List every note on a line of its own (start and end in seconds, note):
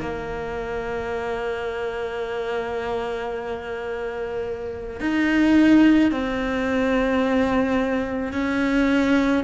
0.00 5.00 A#3
5.00 6.11 D#4
6.11 8.32 C4
8.32 9.43 C#4